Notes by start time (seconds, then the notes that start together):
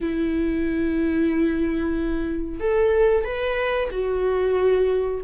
0.00 E4
2.60 A4
3.24 B4
3.90 F#4